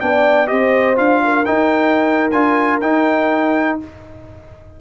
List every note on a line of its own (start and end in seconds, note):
0.00 0.51 B3
0.00 0.47 D4
0.00 0.50 D5
0.00 0.47 G5
0.47 0.99 C4
0.47 0.96 G4
0.47 1.24 C5
0.47 0.96 D#5
0.96 1.47 D4
0.96 1.45 F4
0.96 1.45 F5
1.24 3.80 A#4
1.45 2.31 D#4
1.45 2.32 D#4
1.45 2.31 G5
2.31 2.81 D4
2.31 2.82 F4
2.31 2.80 G#5
2.81 3.79 D#4
2.81 3.80 D#4
2.81 3.78 G5